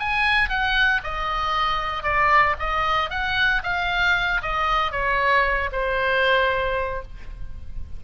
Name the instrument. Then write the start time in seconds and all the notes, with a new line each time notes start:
oboe
0.00 G#5
0.50 F#5
1.04 D#5
2.04 D5
2.60 D#5
3.11 F#5
3.64 F5
4.43 D#5
4.92 C#5
5.72 C5